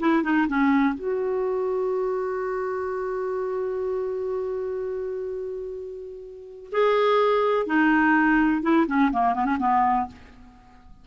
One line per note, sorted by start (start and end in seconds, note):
0.00 0.23 E4
0.23 0.47 D#4
0.48 0.94 C#4
0.94 6.70 F#4
6.72 7.66 G#4
7.66 8.62 D#4
8.62 8.86 E4
8.87 9.11 C#4
9.12 9.34 A#3
9.34 9.45 B3
9.45 9.57 C#4
9.59 10.07 B3